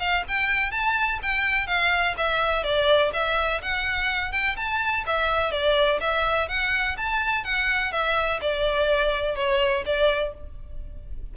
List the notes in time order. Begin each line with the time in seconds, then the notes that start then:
0.00 F5
0.28 G5
0.72 A5
1.23 G5
1.68 F5
2.18 E5
2.64 D5
3.14 E5
3.62 F#5
4.33 G5
4.57 A5
5.07 E5
5.52 D5
6.01 E5
6.49 F#5
6.98 A5
7.44 F#5
7.92 E5
8.42 D5
9.36 C#5
9.86 D5